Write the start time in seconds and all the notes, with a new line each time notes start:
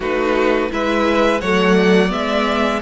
0.00 A3 D#4 F#4 B4
0.70 G#3 E4 B4 E5
1.40 F#3 A3 C#5 F#5
1.74 D5
2.08 G#3 B3 E5